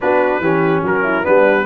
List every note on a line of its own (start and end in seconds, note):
0.00 0.39 B3
0.00 0.42 D4
0.00 0.42 F#4
0.00 0.84 B4
0.39 0.81 E3
0.39 1.23 C#4
0.39 0.83 G4
0.82 1.24 F#3
0.82 1.03 F#4
0.82 1.25 A#4
1.03 1.24 E4
1.23 1.66 G3
1.23 1.64 B3
1.23 1.66 D4
1.23 1.66 B4